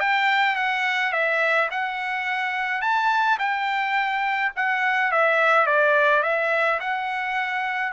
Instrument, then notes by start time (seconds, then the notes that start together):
trumpet
0.00 G5
0.56 F#5
1.13 E5
1.71 F#5
2.82 A5
3.39 G5
4.56 F#5
5.12 E5
5.67 D5
6.23 E5
6.80 F#5